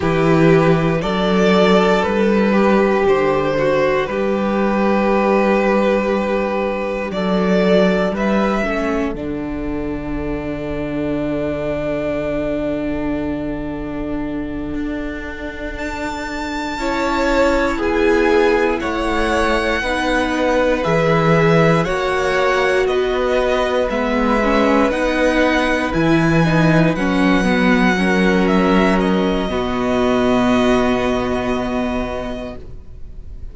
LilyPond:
<<
  \new Staff \with { instrumentName = "violin" } { \time 4/4 \tempo 4 = 59 b'4 d''4 b'4 c''4 | b'2. d''4 | e''4 fis''2.~ | fis''2.~ fis''8 a''8~ |
a''4. gis''4 fis''4.~ | fis''8 e''4 fis''4 dis''4 e''8~ | e''8 fis''4 gis''4 fis''4. | e''8 dis''2.~ dis''8 | }
  \new Staff \with { instrumentName = "violin" } { \time 4/4 g'4 a'4. g'4 fis'8 | g'2. a'4 | b'8 a'2.~ a'8~ | a'1~ |
a'8 cis''4 gis'4 cis''4 b'8~ | b'4. cis''4 b'4.~ | b'2.~ b'8 ais'8~ | ais'4 fis'2. | }
  \new Staff \with { instrumentName = "viola" } { \time 4/4 e'4 d'2.~ | d'1~ | d'8 cis'8 d'2.~ | d'1~ |
d'8 e'2. dis'8~ | dis'8 gis'4 fis'2 b8 | cis'8 dis'4 e'8 dis'8 cis'8 b8 cis'8~ | cis'4 b2. | }
  \new Staff \with { instrumentName = "cello" } { \time 4/4 e4 fis4 g4 d4 | g2. fis4 | g8 a8 d2.~ | d2~ d8 d'4.~ |
d'8 cis'4 b4 a4 b8~ | b8 e4 ais4 b4 gis8~ | gis8 b4 e4 fis4.~ | fis4 b,2. | }
>>